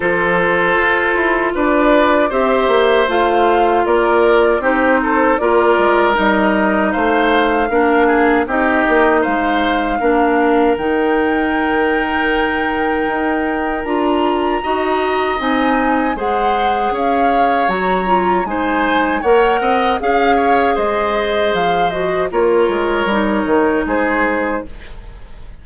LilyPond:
<<
  \new Staff \with { instrumentName = "flute" } { \time 4/4 \tempo 4 = 78 c''2 d''4 e''4 | f''4 d''4 c''4 d''4 | dis''4 f''2 dis''4 | f''2 g''2~ |
g''2 ais''2 | gis''4 fis''4 f''4 ais''4 | gis''4 fis''4 f''4 dis''4 | f''8 dis''8 cis''2 c''4 | }
  \new Staff \with { instrumentName = "oboe" } { \time 4/4 a'2 b'4 c''4~ | c''4 ais'4 g'8 a'8 ais'4~ | ais'4 c''4 ais'8 gis'8 g'4 | c''4 ais'2.~ |
ais'2. dis''4~ | dis''4 c''4 cis''2 | c''4 cis''8 dis''8 f''8 cis''8 c''4~ | c''4 ais'2 gis'4 | }
  \new Staff \with { instrumentName = "clarinet" } { \time 4/4 f'2. g'4 | f'2 dis'4 f'4 | dis'2 d'4 dis'4~ | dis'4 d'4 dis'2~ |
dis'2 f'4 fis'4 | dis'4 gis'2 fis'8 f'8 | dis'4 ais'4 gis'2~ | gis'8 fis'8 f'4 dis'2 | }
  \new Staff \with { instrumentName = "bassoon" } { \time 4/4 f4 f'8 e'8 d'4 c'8 ais8 | a4 ais4 c'4 ais8 gis8 | g4 a4 ais4 c'8 ais8 | gis4 ais4 dis2~ |
dis4 dis'4 d'4 dis'4 | c'4 gis4 cis'4 fis4 | gis4 ais8 c'8 cis'4 gis4 | f4 ais8 gis8 g8 dis8 gis4 | }
>>